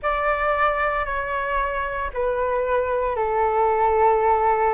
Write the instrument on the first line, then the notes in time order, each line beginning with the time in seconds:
flute
0.02 D5
1.05 C#5
2.13 B4
3.16 A4